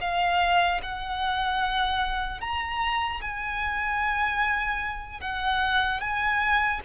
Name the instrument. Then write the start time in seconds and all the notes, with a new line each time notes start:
violin
0.00 F5
0.82 F#5
2.40 A#5
3.21 G#5
5.20 F#5
6.00 G#5